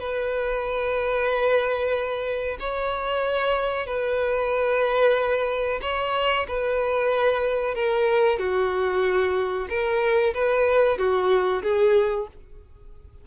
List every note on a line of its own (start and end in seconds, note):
0.00 2.58 B4
2.60 3.87 C#5
3.87 5.80 B4
5.82 6.47 C#5
6.48 7.75 B4
7.75 8.39 A#4
8.39 9.68 F#4
9.69 10.34 A#4
10.35 10.98 B4
10.98 11.63 F#4
11.63 12.28 G#4